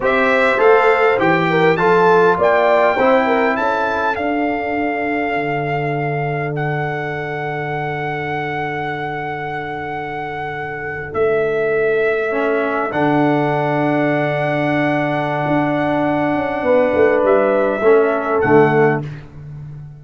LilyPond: <<
  \new Staff \with { instrumentName = "trumpet" } { \time 4/4 \tempo 4 = 101 e''4 f''4 g''4 a''4 | g''2 a''4 f''4~ | f''2. fis''4~ | fis''1~ |
fis''2~ fis''8. e''4~ e''16~ | e''4.~ e''16 fis''2~ fis''16~ | fis''1~ | fis''4 e''2 fis''4 | }
  \new Staff \with { instrumentName = "horn" } { \time 4/4 c''2~ c''8 ais'8 a'4 | d''4 c''8 ais'8 a'2~ | a'1~ | a'1~ |
a'1~ | a'1~ | a'1 | b'2 a'2 | }
  \new Staff \with { instrumentName = "trombone" } { \time 4/4 g'4 a'4 g'4 f'4~ | f'4 e'2 d'4~ | d'1~ | d'1~ |
d'1~ | d'8. cis'4 d'2~ d'16~ | d'1~ | d'2 cis'4 a4 | }
  \new Staff \with { instrumentName = "tuba" } { \time 4/4 c'4 a4 e4 f4 | ais4 c'4 cis'4 d'4~ | d'4 d2.~ | d1~ |
d2~ d8. a4~ a16~ | a4.~ a16 d2~ d16~ | d2 d'4. cis'8 | b8 a8 g4 a4 d4 | }
>>